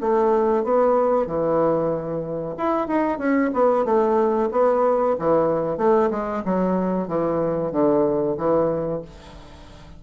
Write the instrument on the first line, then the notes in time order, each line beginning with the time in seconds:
bassoon
0.00 A3
0.63 B3
1.26 E3
2.57 E4
2.87 D#4
3.18 C#4
3.53 B3
3.84 A3
4.51 B3
5.18 E3
5.77 A3
6.10 G#3
6.45 F#3
7.08 E3
7.72 D3
8.37 E3